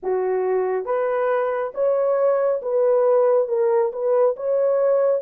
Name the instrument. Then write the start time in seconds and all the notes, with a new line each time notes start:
horn
0.02 F#4
0.85 B4
1.74 C#5
2.62 B4
3.48 A#4
3.92 B4
4.36 C#5